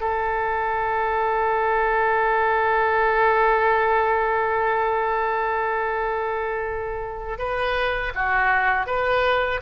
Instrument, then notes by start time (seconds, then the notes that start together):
oboe
0.00 A4
7.38 B4
8.14 F#4
8.86 B4